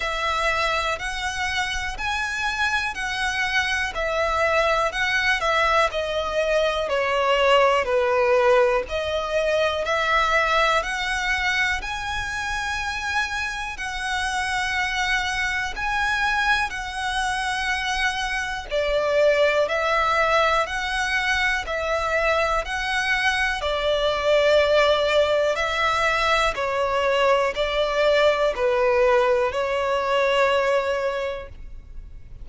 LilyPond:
\new Staff \with { instrumentName = "violin" } { \time 4/4 \tempo 4 = 61 e''4 fis''4 gis''4 fis''4 | e''4 fis''8 e''8 dis''4 cis''4 | b'4 dis''4 e''4 fis''4 | gis''2 fis''2 |
gis''4 fis''2 d''4 | e''4 fis''4 e''4 fis''4 | d''2 e''4 cis''4 | d''4 b'4 cis''2 | }